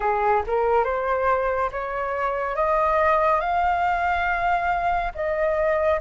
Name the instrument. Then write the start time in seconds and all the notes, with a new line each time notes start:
flute
0.00 G#4
0.46 A#4
0.84 C5
1.71 C#5
2.55 D#5
3.40 F5
5.14 D#5